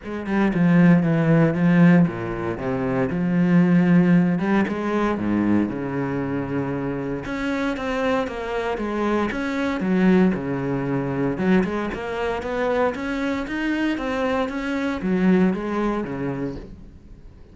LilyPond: \new Staff \with { instrumentName = "cello" } { \time 4/4 \tempo 4 = 116 gis8 g8 f4 e4 f4 | ais,4 c4 f2~ | f8 g8 gis4 gis,4 cis4~ | cis2 cis'4 c'4 |
ais4 gis4 cis'4 fis4 | cis2 fis8 gis8 ais4 | b4 cis'4 dis'4 c'4 | cis'4 fis4 gis4 cis4 | }